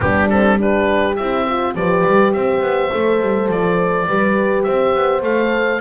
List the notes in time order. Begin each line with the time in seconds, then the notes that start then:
0.00 G3 B3 D4 G4
0.29 C4 A4
0.57 D4 G4 B4
1.15 C4 E4 E5
1.44 F4 C5
1.75 F3 G4 B4 D5
2.06 G3
2.33 C4 C5 E5
2.61 B3
2.91 A3 A4
3.21 G3
3.48 F3 D5
4.08 G3 G4 B4
4.63 C4 C5 E5
4.94 B3
5.22 A3 A4 F5